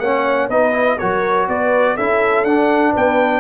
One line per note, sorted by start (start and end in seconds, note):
0.00 0.49 A#3
0.00 0.51 C#4
0.00 0.49 C#5
0.00 0.49 F#5
0.49 0.98 B3
0.49 0.73 D#4
0.49 0.98 B4
0.49 0.99 D#5
0.73 0.98 E4
0.99 1.49 F#3
0.99 1.98 F#4
0.99 1.48 A#4
0.99 1.48 C#5
1.49 1.97 B3
1.49 1.96 B4
1.49 1.97 D5
1.96 2.44 C#4
1.96 2.47 E4
1.96 2.93 A4
1.96 2.45 E5
2.44 2.93 D4
2.44 3.41 D4
2.44 2.94 F#5
2.93 3.41 B3
2.93 3.41 B4
2.93 3.41 G5